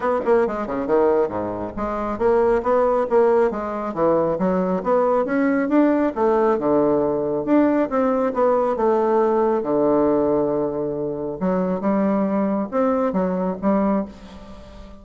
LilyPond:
\new Staff \with { instrumentName = "bassoon" } { \time 4/4 \tempo 4 = 137 b8 ais8 gis8 cis8 dis4 gis,4 | gis4 ais4 b4 ais4 | gis4 e4 fis4 b4 | cis'4 d'4 a4 d4~ |
d4 d'4 c'4 b4 | a2 d2~ | d2 fis4 g4~ | g4 c'4 fis4 g4 | }